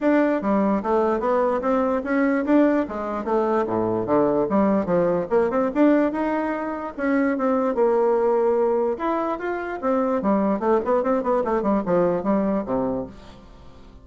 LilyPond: \new Staff \with { instrumentName = "bassoon" } { \time 4/4 \tempo 4 = 147 d'4 g4 a4 b4 | c'4 cis'4 d'4 gis4 | a4 a,4 d4 g4 | f4 ais8 c'8 d'4 dis'4~ |
dis'4 cis'4 c'4 ais4~ | ais2 e'4 f'4 | c'4 g4 a8 b8 c'8 b8 | a8 g8 f4 g4 c4 | }